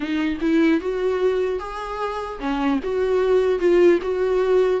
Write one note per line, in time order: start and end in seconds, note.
0.00 0.38 D#4
0.40 0.80 E4
0.80 1.59 F#4
1.59 2.39 G#4
2.39 2.79 C#4
2.83 3.59 F#4
3.59 3.99 F4
4.02 4.80 F#4